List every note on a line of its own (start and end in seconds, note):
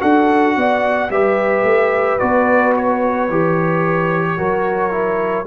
0.00 0.57 D4
0.00 1.09 F#4
0.00 0.57 A4
0.00 1.11 F#5
0.57 1.10 B3
0.57 1.12 D5
1.10 1.63 G3
1.10 2.20 G4
1.10 4.38 B4
1.10 2.19 E5
1.63 2.18 A3
2.19 3.30 B3
2.19 3.29 F#4
2.19 2.74 D5
2.77 5.47 C#5
3.30 4.39 E3
3.30 4.38 G4
4.38 5.47 F#3
4.38 4.91 F#4
4.38 5.47 A#4
4.91 5.46 E4